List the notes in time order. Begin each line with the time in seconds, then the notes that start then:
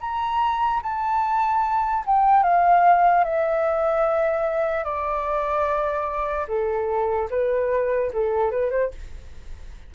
0.00 A#5
0.83 A5
2.06 G5
2.43 F5
3.24 E5
4.84 D5
6.48 A4
7.30 B4
8.13 A4
8.51 B4
8.71 C5